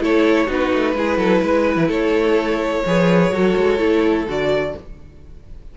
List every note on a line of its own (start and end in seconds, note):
0.00 0.47 A3
0.00 0.47 E4
0.00 0.46 A4
0.00 0.51 C#5
0.46 0.72 B3
0.46 0.94 D#4
0.46 0.93 F#4
0.46 1.90 B4
0.73 0.94 A3
0.94 1.17 G#3
0.94 2.85 E4
0.94 1.18 G#4
1.17 1.41 F#3
1.17 1.42 A4
1.42 1.76 G#3
1.42 1.88 B4
1.76 1.88 E3
1.88 2.83 A3
1.88 2.82 A4
1.88 4.27 C#5
2.86 3.31 F3
2.86 3.33 G#4
2.86 3.33 B4
3.31 3.54 F#3
3.31 3.78 F#4
3.31 4.75 A4
3.56 3.80 G#3
3.78 4.26 A3
3.78 4.25 E4
4.26 4.73 D3
4.26 4.75 F#4
4.26 4.77 D5